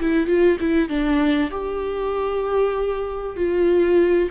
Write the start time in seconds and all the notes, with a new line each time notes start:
0.00 E4
0.27 F4
0.60 E4
0.89 D4
1.51 G4
3.37 F4